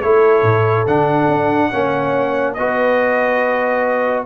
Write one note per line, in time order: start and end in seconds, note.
0.00 0.43 A3
0.00 0.87 E4
0.00 1.69 A4
0.00 0.86 C#5
0.43 0.85 A2
0.87 1.28 D3
0.87 1.72 D4
0.87 2.54 F#5
1.28 1.70 D4
1.71 2.58 A#3
1.71 2.57 C#4
1.71 2.55 C#5
2.54 4.26 B3
2.54 4.26 F#4
2.54 4.26 B4
2.54 4.23 D#5